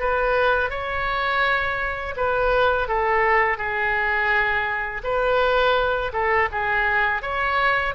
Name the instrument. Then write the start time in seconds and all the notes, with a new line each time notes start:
oboe
0.00 B4
0.70 C#5
2.17 B4
2.88 A4
3.58 G#4
5.04 B4
6.13 A4
6.52 G#4
7.23 C#5